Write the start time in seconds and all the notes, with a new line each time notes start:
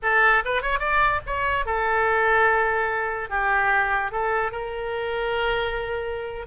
0.02 A4
0.44 B4
0.62 C#5
0.79 D5
1.26 C#5
1.65 A4
3.29 G4
4.11 A4
4.51 A#4